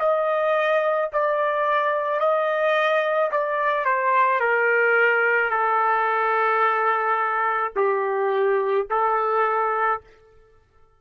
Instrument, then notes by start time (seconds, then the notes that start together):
trumpet
0.00 D#5
1.13 D5
2.20 D#5
3.32 D5
3.86 C5
4.40 A#4
5.51 A4
7.76 G4
8.90 A4